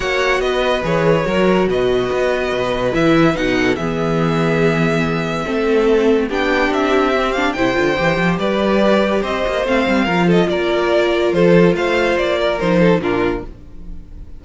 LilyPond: <<
  \new Staff \with { instrumentName = "violin" } { \time 4/4 \tempo 4 = 143 fis''4 dis''4 cis''2 | dis''2. e''4 | fis''4 e''2.~ | e''2. g''4 |
e''4. f''8 g''2 | d''2 dis''4 f''4~ | f''8 dis''8 d''2 c''4 | f''4 d''4 c''4 ais'4 | }
  \new Staff \with { instrumentName = "violin" } { \time 4/4 cis''4 b'2 ais'4 | b'1~ | b'8 a'8 gis'2.~ | gis'4 a'2 g'4~ |
g'2 c''2 | b'2 c''2 | ais'8 a'8 ais'2 a'4 | c''4. ais'4 a'8 f'4 | }
  \new Staff \with { instrumentName = "viola" } { \time 4/4 fis'2 gis'4 fis'4~ | fis'2. e'4 | dis'4 b2.~ | b4 c'2 d'4~ |
d'4 c'8 d'8 e'8 f'8 g'4~ | g'2. c'4 | f'1~ | f'2 dis'4 d'4 | }
  \new Staff \with { instrumentName = "cello" } { \time 4/4 ais4 b4 e4 fis4 | b,4 b4 b,4 e4 | b,4 e2.~ | e4 a2 b4 |
c'2 c8 d8 e8 f8 | g2 c'8 ais8 a8 g8 | f4 ais2 f4 | a4 ais4 f4 ais,4 | }
>>